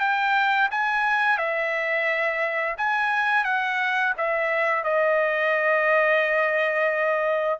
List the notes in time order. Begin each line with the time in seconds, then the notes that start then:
0.00 G5
0.71 G#5
1.38 E5
2.77 G#5
3.44 F#5
4.18 E5
4.84 D#5